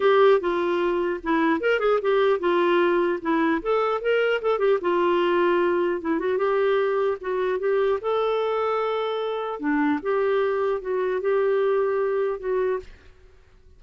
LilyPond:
\new Staff \with { instrumentName = "clarinet" } { \time 4/4 \tempo 4 = 150 g'4 f'2 e'4 | ais'8 gis'8 g'4 f'2 | e'4 a'4 ais'4 a'8 g'8 | f'2. e'8 fis'8 |
g'2 fis'4 g'4 | a'1 | d'4 g'2 fis'4 | g'2. fis'4 | }